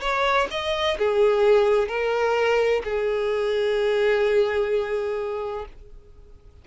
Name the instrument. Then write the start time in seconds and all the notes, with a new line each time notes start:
violin
0.00 C#5
0.50 D#5
0.98 G#4
1.88 A#4
2.84 G#4